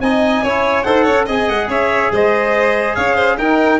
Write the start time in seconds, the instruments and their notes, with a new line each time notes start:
0.00 tuba C4, trombone D#4, violin D#5, trumpet G#5
0.43 tuba C#4, trombone E4, violin C#5
0.83 tuba D#4, trombone A4, violin C5, trumpet F#5
1.04 tuba C#4, violin C#5
1.25 tuba C4, trombone G#4, violin D#5, trumpet G#5
1.49 tuba G#3, trumpet F#5
1.68 tuba C#4, violin C#5, trumpet E5
2.12 tuba G#3, violin C5, trumpet D#5
2.95 tuba C#4, violin C#5, trumpet F5
3.15 violin C5
3.37 tuba D#4, trombone D#4, violin A#4, trumpet G5